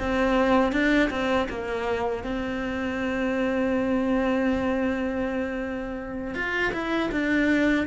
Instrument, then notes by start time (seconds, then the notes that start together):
cello
0.00 C4
0.73 D4
1.10 C4
1.49 A#3
2.24 C4
6.35 F4
6.73 E4
7.12 D4